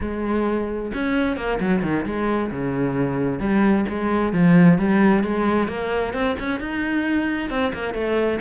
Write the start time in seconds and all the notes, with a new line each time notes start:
0.01 G#3
0.94 C#4
1.36 A#3
1.60 F#3
1.82 D#3
2.05 G#3
2.51 C#3
3.39 G3
3.88 G#3
4.32 F3
4.78 G3
5.23 G#3
5.68 A#3
6.13 C4
6.39 C#4
6.60 D#4
7.49 C4
7.73 A#3
7.94 A3